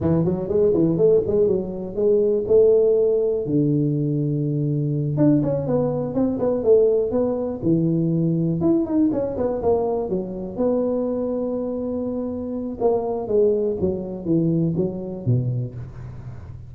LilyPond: \new Staff \with { instrumentName = "tuba" } { \time 4/4 \tempo 4 = 122 e8 fis8 gis8 e8 a8 gis8 fis4 | gis4 a2 d4~ | d2~ d8 d'8 cis'8 b8~ | b8 c'8 b8 a4 b4 e8~ |
e4. e'8 dis'8 cis'8 b8 ais8~ | ais8 fis4 b2~ b8~ | b2 ais4 gis4 | fis4 e4 fis4 b,4 | }